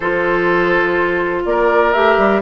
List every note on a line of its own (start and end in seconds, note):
0.00 1.45 F3
0.00 1.94 F4
0.00 1.42 A4
0.00 1.43 C5
1.45 1.93 A#3
1.45 2.41 A#4
1.45 1.92 D5
1.92 2.17 A3
1.92 2.41 G4
1.92 2.41 E5
2.17 2.41 G3